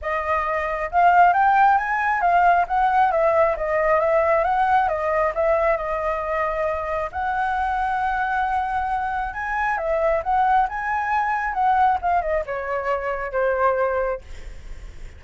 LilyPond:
\new Staff \with { instrumentName = "flute" } { \time 4/4 \tempo 4 = 135 dis''2 f''4 g''4 | gis''4 f''4 fis''4 e''4 | dis''4 e''4 fis''4 dis''4 | e''4 dis''2. |
fis''1~ | fis''4 gis''4 e''4 fis''4 | gis''2 fis''4 f''8 dis''8 | cis''2 c''2 | }